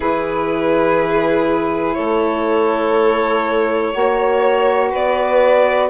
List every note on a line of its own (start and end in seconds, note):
0.00 1.97 E3
0.00 3.92 E4
0.00 1.96 G#4
0.00 1.93 B4
1.93 3.94 A3
1.93 3.93 A4
1.93 4.89 C#5
3.92 4.93 A#3
3.92 5.89 F#4
3.92 4.91 C#5
4.91 5.90 B3
4.91 5.89 B4
4.91 5.90 D5